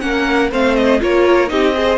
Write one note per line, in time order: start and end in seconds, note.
0.00 0.52 A#3
0.00 0.50 C#4
0.00 0.51 A#4
0.00 0.50 F#5
0.51 1.01 A3
0.51 1.00 C4
0.51 1.01 C5
0.51 0.76 F5
0.76 1.00 D#5
1.00 1.51 A#3
1.00 1.48 F4
1.00 1.51 A#4
1.00 1.49 C#5
1.48 1.98 C4
1.48 1.73 D#4
1.48 1.76 G4
1.48 1.98 D#5
1.74 1.98 G#4
1.74 1.98 C5